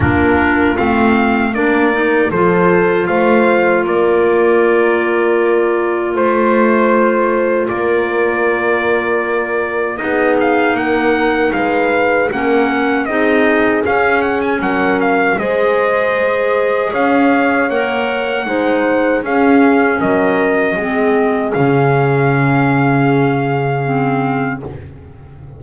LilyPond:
<<
  \new Staff \with { instrumentName = "trumpet" } { \time 4/4 \tempo 4 = 78 ais'4 f''4 d''4 c''4 | f''4 d''2. | c''2 d''2~ | d''4 dis''8 f''8 fis''4 f''4 |
fis''4 dis''4 f''8 fis''16 gis''16 fis''8 f''8 | dis''2 f''4 fis''4~ | fis''4 f''4 dis''2 | f''1 | }
  \new Staff \with { instrumentName = "horn" } { \time 4/4 f'2 ais'4 a'4 | c''4 ais'2. | c''2 ais'2~ | ais'4 gis'4 ais'4 b'4 |
ais'4 gis'2 ais'4 | c''2 cis''2 | c''4 gis'4 ais'4 gis'4~ | gis'1 | }
  \new Staff \with { instrumentName = "clarinet" } { \time 4/4 d'4 c'4 d'8 dis'8 f'4~ | f'1~ | f'1~ | f'4 dis'2. |
cis'4 dis'4 cis'2 | gis'2. ais'4 | dis'4 cis'2 c'4 | cis'2. c'4 | }
  \new Staff \with { instrumentName = "double bass" } { \time 4/4 ais4 a4 ais4 f4 | a4 ais2. | a2 ais2~ | ais4 b4 ais4 gis4 |
ais4 c'4 cis'4 fis4 | gis2 cis'4 ais4 | gis4 cis'4 fis4 gis4 | cis1 | }
>>